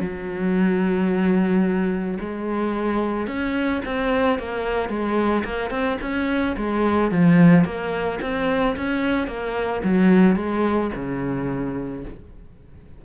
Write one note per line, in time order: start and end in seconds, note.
0.00 2.18 F#3
2.20 3.27 G#3
3.27 3.82 C#4
3.85 4.39 C4
4.39 4.89 A#3
4.89 5.44 G#3
5.44 5.70 A#3
5.70 5.98 C4
6.01 6.56 C#4
6.57 7.11 G#3
7.11 7.65 F3
7.65 8.19 A#3
8.22 8.76 C4
8.76 9.28 C#4
9.28 9.82 A#3
9.84 10.36 F#3
10.36 10.91 G#3
10.95 12.04 C#3